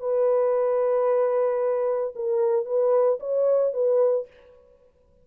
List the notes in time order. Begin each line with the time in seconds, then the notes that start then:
0.00 B4
2.16 A#4
2.65 B4
3.20 C#5
3.74 B4